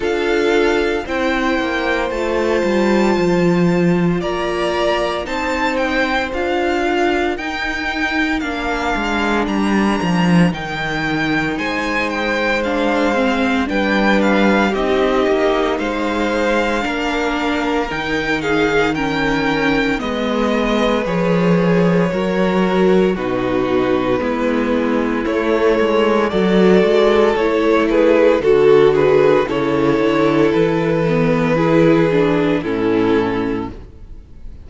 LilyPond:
<<
  \new Staff \with { instrumentName = "violin" } { \time 4/4 \tempo 4 = 57 f''4 g''4 a''2 | ais''4 a''8 g''8 f''4 g''4 | f''4 ais''4 g''4 gis''8 g''8 | f''4 g''8 f''8 dis''4 f''4~ |
f''4 g''8 f''8 g''4 dis''4 | cis''2 b'2 | cis''4 d''4 cis''8 b'8 a'8 b'8 | cis''4 b'2 a'4 | }
  \new Staff \with { instrumentName = "violin" } { \time 4/4 a'4 c''2. | d''4 c''4. ais'4.~ | ais'2. c''4~ | c''4 b'4 g'4 c''4 |
ais'4. gis'8 ais'4 b'4~ | b'4 ais'4 fis'4 e'4~ | e'4 a'4. gis'8 fis'8 gis'8 | a'2 gis'4 e'4 | }
  \new Staff \with { instrumentName = "viola" } { \time 4/4 f'4 e'4 f'2~ | f'4 dis'4 f'4 dis'4 | d'2 dis'2 | d'8 c'8 d'4 dis'2 |
d'4 dis'4 cis'4 b4 | gis'4 fis'4 dis'4 b4 | a4 fis'4 e'4 fis'4 | e'4. b8 e'8 d'8 cis'4 | }
  \new Staff \with { instrumentName = "cello" } { \time 4/4 d'4 c'8 ais8 a8 g8 f4 | ais4 c'4 d'4 dis'4 | ais8 gis8 g8 f8 dis4 gis4~ | gis4 g4 c'8 ais8 gis4 |
ais4 dis2 gis4 | f4 fis4 b,4 gis4 | a8 gis8 fis8 gis8 a4 d4 | cis8 d8 e2 a,4 | }
>>